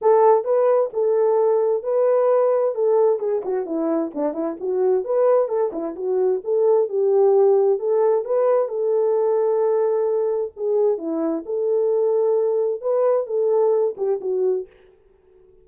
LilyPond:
\new Staff \with { instrumentName = "horn" } { \time 4/4 \tempo 4 = 131 a'4 b'4 a'2 | b'2 a'4 gis'8 fis'8 | e'4 d'8 e'8 fis'4 b'4 | a'8 e'8 fis'4 a'4 g'4~ |
g'4 a'4 b'4 a'4~ | a'2. gis'4 | e'4 a'2. | b'4 a'4. g'8 fis'4 | }